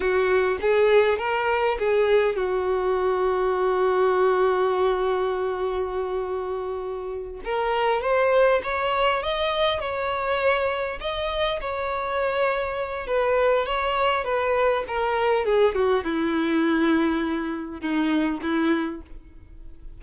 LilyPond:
\new Staff \with { instrumentName = "violin" } { \time 4/4 \tempo 4 = 101 fis'4 gis'4 ais'4 gis'4 | fis'1~ | fis'1~ | fis'8 ais'4 c''4 cis''4 dis''8~ |
dis''8 cis''2 dis''4 cis''8~ | cis''2 b'4 cis''4 | b'4 ais'4 gis'8 fis'8 e'4~ | e'2 dis'4 e'4 | }